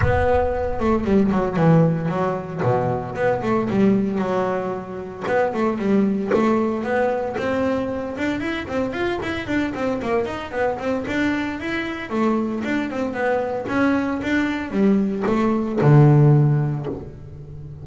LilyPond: \new Staff \with { instrumentName = "double bass" } { \time 4/4 \tempo 4 = 114 b4. a8 g8 fis8 e4 | fis4 b,4 b8 a8 g4 | fis2 b8 a8 g4 | a4 b4 c'4. d'8 |
e'8 c'8 f'8 e'8 d'8 c'8 ais8 dis'8 | b8 c'8 d'4 e'4 a4 | d'8 c'8 b4 cis'4 d'4 | g4 a4 d2 | }